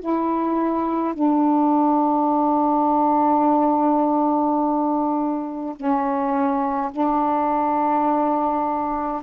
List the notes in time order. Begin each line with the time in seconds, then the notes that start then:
0.00 E4
1.14 D4
5.76 C#4
6.92 D4